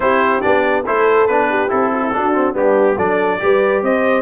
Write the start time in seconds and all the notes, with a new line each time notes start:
0.00 C4 E4 G4 C5
0.41 B3 D4 D5
0.85 A3 E4 A4 C5
1.27 B3 D4 B4
1.49 G4
1.68 C4 E4 A4
1.92 F#4
2.03 E4
2.12 D4 F#4
2.33 C4
2.53 G3 B3 D4 G4
2.96 F#3 D4 A4 D5
3.39 G3 G4 B4
3.82 C4 C5 D#5